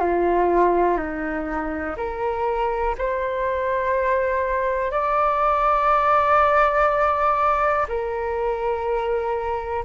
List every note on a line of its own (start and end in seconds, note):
0.00 0.97 F4
0.97 1.95 D#4
1.97 2.95 A#4
2.98 4.91 C5
4.91 7.86 D5
7.88 9.85 A#4